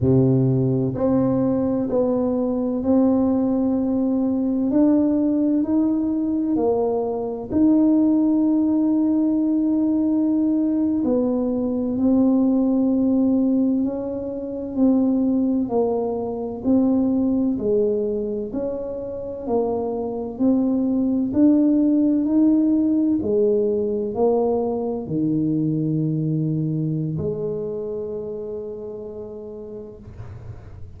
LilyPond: \new Staff \with { instrumentName = "tuba" } { \time 4/4 \tempo 4 = 64 c4 c'4 b4 c'4~ | c'4 d'4 dis'4 ais4 | dis'2.~ dis'8. b16~ | b8. c'2 cis'4 c'16~ |
c'8. ais4 c'4 gis4 cis'16~ | cis'8. ais4 c'4 d'4 dis'16~ | dis'8. gis4 ais4 dis4~ dis16~ | dis4 gis2. | }